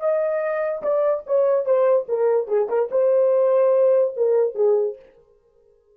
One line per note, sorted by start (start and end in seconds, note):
0.00 0.82 D#5
0.83 1.24 D5
1.26 1.66 C#5
1.66 2.07 C5
2.09 2.48 A#4
2.48 2.68 G#4
2.69 2.90 A#4
2.91 4.15 C5
4.17 4.55 A#4
4.55 4.96 G#4